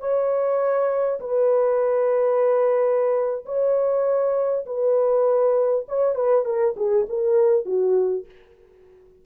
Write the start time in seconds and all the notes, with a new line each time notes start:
0.00 C#5
1.20 B4
3.46 C#5
4.66 B4
5.89 C#5
6.15 B4
6.45 A#4
6.77 G#4
7.09 A#4
7.66 F#4